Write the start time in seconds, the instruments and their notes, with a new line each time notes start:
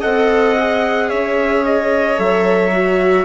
0.00 bassoon C4, viola A4, violin D#5, trumpet F#5
0.59 viola G#4
1.09 bassoon C#4, violin C#5, trumpet E5
1.65 trumpet D#5
2.16 bassoon F#3, viola A4, trumpet E5
2.72 viola F#4